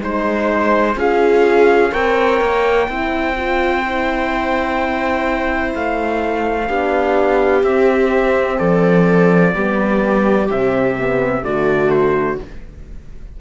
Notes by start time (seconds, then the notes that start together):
0.00 G#3 D#4 C5
0.96 C#4 F4 G#4 F5
1.91 C4 A#4 C#5 G5
2.41 A#3
2.87 C4 E4 C5
3.37 F4
3.85 E4
5.75 A3 F5
6.68 B3 D4 G4
7.63 C4 E5
8.58 F3 A4 D5
9.53 G3 B3 G4
10.48 C3 C4 E5
10.98 B3
11.43 D3 A3 F#4 D5
11.91 C5